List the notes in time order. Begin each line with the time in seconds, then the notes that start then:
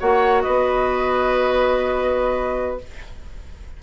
0.00 A#3 F#4 C#5 F#5
0.42 B3 B4 D#5